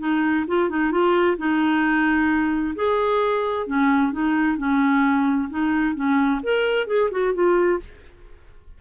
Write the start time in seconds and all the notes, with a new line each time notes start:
0.00 D#4
0.48 F4
0.70 D#4
0.92 F4
1.38 D#4
2.76 G#4
3.67 C#4
4.12 D#4
4.58 C#4
5.50 D#4
5.95 C#4
6.44 A#4
6.87 G#4
7.12 F#4
7.34 F4